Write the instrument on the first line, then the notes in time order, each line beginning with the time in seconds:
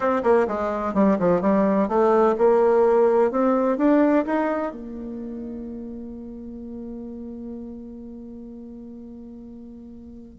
bassoon
0.00 C4
0.23 A#3
0.47 G#3
0.94 G3
1.19 F3
1.41 G3
1.88 A3
2.38 A#3
3.31 C4
3.77 D4
4.25 D#4
4.72 A#3